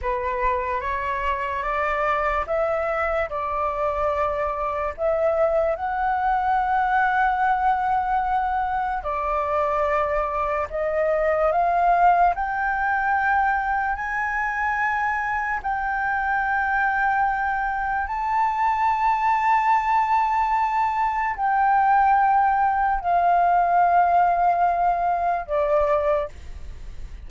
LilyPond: \new Staff \with { instrumentName = "flute" } { \time 4/4 \tempo 4 = 73 b'4 cis''4 d''4 e''4 | d''2 e''4 fis''4~ | fis''2. d''4~ | d''4 dis''4 f''4 g''4~ |
g''4 gis''2 g''4~ | g''2 a''2~ | a''2 g''2 | f''2. d''4 | }